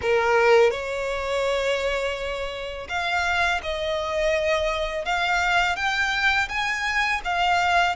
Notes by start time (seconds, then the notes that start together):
0.01 A#4
0.70 C#5
2.88 F5
3.62 D#5
5.05 F5
5.76 G5
6.48 G#5
7.24 F5